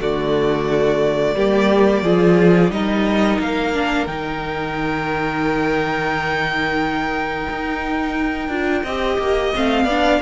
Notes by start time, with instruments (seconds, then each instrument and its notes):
0.00 cello D3, viola A3, violin F#4 D5
1.36 cello G3, viola A#3, violin G4
2.03 cello F3, viola F4, violin G#4
2.71 cello G3, viola D#4, violin A#4 D#5
3.39 cello A#3, violin F5
3.74 viola D4
4.07 cello D#3, viola D#4, violin G5
7.50 cello D#4
8.49 cello D4, viola F4
8.84 cello C4, viola G4, violin D#5
9.19 cello A#3
9.55 cello A3, viola C4, violin F5
9.85 cello B3, viola D4, violin D5